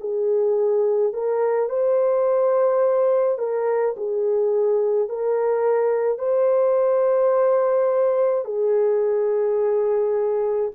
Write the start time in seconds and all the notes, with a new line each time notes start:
0.00 G#4
1.13 A#4
1.69 C5
3.38 A#4
3.97 G#4
5.08 A#4
6.18 C5
8.44 G#4